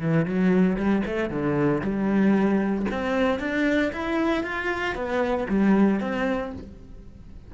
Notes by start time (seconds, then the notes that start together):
0.00 E3
0.25 F#3
0.76 G3
1.06 A3
1.29 D3
1.81 G3
2.91 C4
3.39 D4
3.92 E4
4.43 F4
4.94 B3
5.48 G3
6.00 C4